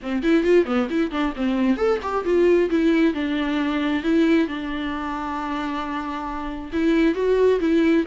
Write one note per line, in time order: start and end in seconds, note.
0.02 0.22 C4
0.22 0.43 E4
0.43 0.65 F4
0.65 0.88 B3
0.90 1.11 E4
1.11 1.33 D4
1.36 1.77 C4
1.77 1.99 A4
2.02 2.24 G4
2.24 2.69 F4
2.70 3.14 E4
3.14 4.03 D4
4.03 4.47 E4
4.47 6.71 D4
6.72 7.14 E4
7.14 7.59 F#4
7.60 8.04 E4